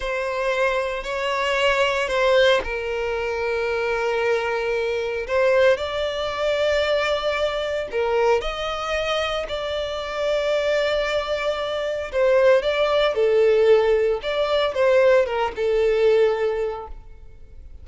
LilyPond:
\new Staff \with { instrumentName = "violin" } { \time 4/4 \tempo 4 = 114 c''2 cis''2 | c''4 ais'2.~ | ais'2 c''4 d''4~ | d''2. ais'4 |
dis''2 d''2~ | d''2. c''4 | d''4 a'2 d''4 | c''4 ais'8 a'2~ a'8 | }